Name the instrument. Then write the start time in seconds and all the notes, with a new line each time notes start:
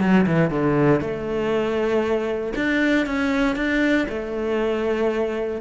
cello
0.00 F#3
0.26 E3
0.50 D3
1.00 A3
2.55 D4
3.06 C#4
3.55 D4
4.09 A3